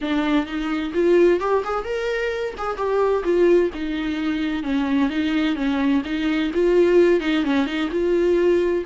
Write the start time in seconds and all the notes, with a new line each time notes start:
0.01 D4
0.45 D#4
0.93 F4
1.40 G4
1.64 G#4
1.84 A#4
2.57 G#4
2.76 G4
3.23 F4
3.73 D#4
4.63 C#4
5.09 D#4
5.55 C#4
6.04 D#4
6.53 F4
7.20 D#4
7.44 C#4
7.66 D#4
7.91 F4